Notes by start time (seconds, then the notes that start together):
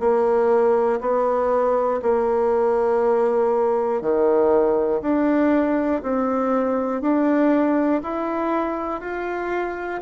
0.00 A#3
1.01 B3
2.02 A#3
4.02 D#3
5.02 D4
6.03 C4
7.02 D4
8.03 E4
9.01 F4